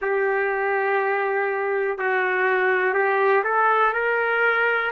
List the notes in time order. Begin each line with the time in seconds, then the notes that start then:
0.01 G4
1.98 F#4
2.94 G4
3.43 A4
3.93 A#4